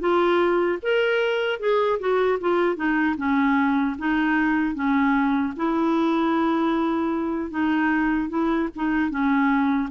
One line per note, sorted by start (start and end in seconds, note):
0.00 0.79 F4
0.83 1.60 A#4
1.60 1.99 G#4
2.00 2.39 F#4
2.41 2.76 F4
2.76 3.16 D#4
3.18 3.97 C#4
3.99 4.75 D#4
4.75 5.54 C#4
5.57 7.51 E4
7.51 8.29 D#4
8.29 8.69 E4
8.76 9.10 D#4
9.10 9.89 C#4